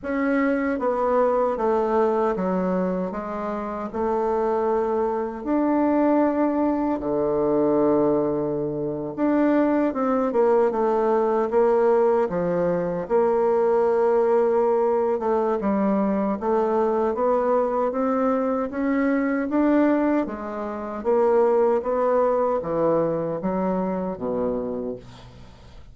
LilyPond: \new Staff \with { instrumentName = "bassoon" } { \time 4/4 \tempo 4 = 77 cis'4 b4 a4 fis4 | gis4 a2 d'4~ | d'4 d2~ d8. d'16~ | d'8. c'8 ais8 a4 ais4 f16~ |
f8. ais2~ ais8. a8 | g4 a4 b4 c'4 | cis'4 d'4 gis4 ais4 | b4 e4 fis4 b,4 | }